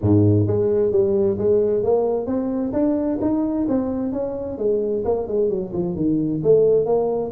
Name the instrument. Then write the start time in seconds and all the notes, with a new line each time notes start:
tuba
0.01 G#2
0.47 G#3
0.91 G3
1.37 G#3
1.83 A#3
2.26 C4
2.72 D4
3.21 D#4
3.68 C4
4.12 C#4
4.58 G#3
5.04 A#3
5.27 G#3
5.49 F#3
5.72 F3
5.95 D#3
6.43 A3
6.85 A#3